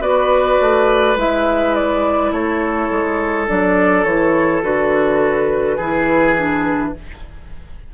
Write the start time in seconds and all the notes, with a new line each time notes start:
0.00 B3 F#4 B4 D5
0.60 A3
1.16 G#3 E4 E5
1.74 D5
2.31 A3 A4 C#5
2.90 G#3
3.47 F#3 D4 D5
4.04 E3 E4 C#5
4.62 D3 F#4 B4
5.76 E3 E4 G#4
6.36 D4